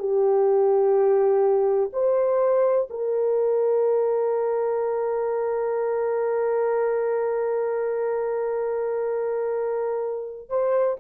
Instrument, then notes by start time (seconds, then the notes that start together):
horn
0.00 G4
1.93 C5
2.90 A#4
10.49 C5